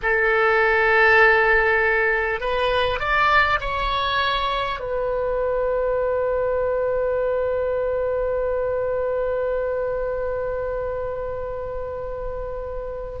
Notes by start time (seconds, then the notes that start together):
0.02 A4
2.40 B4
2.99 D5
3.60 C#5
4.79 B4